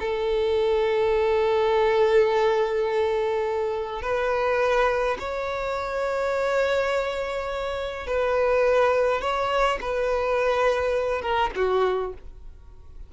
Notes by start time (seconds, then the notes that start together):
0.00 A4
4.02 B4
5.19 C#5
8.07 B4
9.21 C#5
9.81 B4
11.22 A#4
11.55 F#4